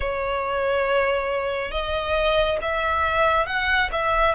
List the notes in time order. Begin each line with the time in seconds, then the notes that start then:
0.00 C#5
1.71 D#5
2.61 E5
3.46 F#5
3.92 E5